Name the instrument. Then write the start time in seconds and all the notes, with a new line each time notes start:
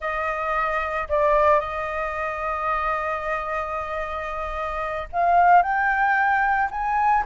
flute
0.00 D#5
1.08 D5
1.60 D#5
5.12 F5
5.62 G5
6.70 G#5